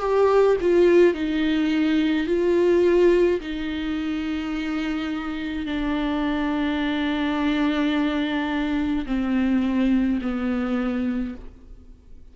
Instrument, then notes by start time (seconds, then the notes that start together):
viola
0.00 G4
0.61 F4
1.14 D#4
2.27 F4
3.41 D#4
5.66 D4
9.06 C4
10.22 B3